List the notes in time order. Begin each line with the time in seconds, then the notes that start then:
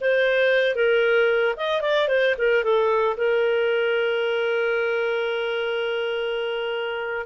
0.00 C5
0.75 A#4
1.56 D#5
1.81 D5
2.08 C5
2.38 A#4
2.63 A4
3.17 A#4